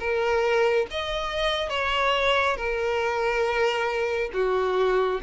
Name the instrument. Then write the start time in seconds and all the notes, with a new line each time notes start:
violin
0.00 A#4
0.91 D#5
1.70 C#5
2.57 A#4
4.34 F#4